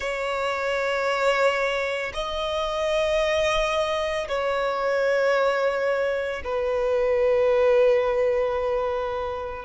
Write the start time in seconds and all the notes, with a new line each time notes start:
0.00 C#5
2.13 D#5
4.28 C#5
6.43 B4